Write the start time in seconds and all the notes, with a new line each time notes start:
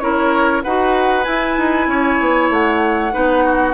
0.00 C#4 E4 A#4 C#5
0.63 D#4 F#4 B4 F#5
1.24 E4 G#5
1.58 D#4
1.87 C#4 C#5
2.21 B3
2.50 A3 F#5
3.12 B3 D#4 B4
3.45 F#4